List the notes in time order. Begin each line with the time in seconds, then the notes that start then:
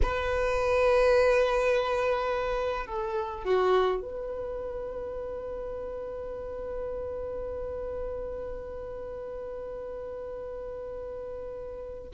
0.02 B4
2.86 A4
3.44 F#4
4.01 B4